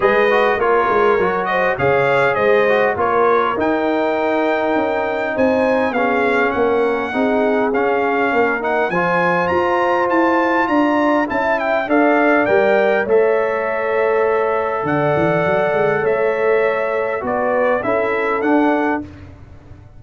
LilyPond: <<
  \new Staff \with { instrumentName = "trumpet" } { \time 4/4 \tempo 4 = 101 dis''4 cis''4. dis''8 f''4 | dis''4 cis''4 g''2~ | g''4 gis''4 f''4 fis''4~ | fis''4 f''4. fis''8 gis''4 |
ais''4 a''4 ais''4 a''8 g''8 | f''4 g''4 e''2~ | e''4 fis''2 e''4~ | e''4 d''4 e''4 fis''4 | }
  \new Staff \with { instrumentName = "horn" } { \time 4/4 b'4 ais'4. c''8 cis''4 | c''4 ais'2.~ | ais'4 c''4 gis'4 ais'4 | gis'2 ais'4 c''4~ |
c''2 d''4 e''4 | d''2 cis''2~ | cis''4 d''2 cis''4~ | cis''4 b'4 a'2 | }
  \new Staff \with { instrumentName = "trombone" } { \time 4/4 gis'8 fis'8 f'4 fis'4 gis'4~ | gis'8 fis'8 f'4 dis'2~ | dis'2 cis'2 | dis'4 cis'4. dis'8 f'4~ |
f'2. e'4 | a'4 ais'4 a'2~ | a'1~ | a'4 fis'4 e'4 d'4 | }
  \new Staff \with { instrumentName = "tuba" } { \time 4/4 gis4 ais8 gis8 fis4 cis4 | gis4 ais4 dis'2 | cis'4 c'4 b4 ais4 | c'4 cis'4 ais4 f4 |
f'4 e'4 d'4 cis'4 | d'4 g4 a2~ | a4 d8 e8 fis8 gis8 a4~ | a4 b4 cis'4 d'4 | }
>>